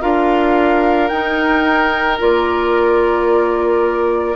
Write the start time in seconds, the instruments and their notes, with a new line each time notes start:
0.00 bassoon D4, clarinet F4, oboe A#4, flute F5
1.08 bassoon D#4, clarinet D#4, flute G5
2.18 bassoon A#3, clarinet F4, flute D5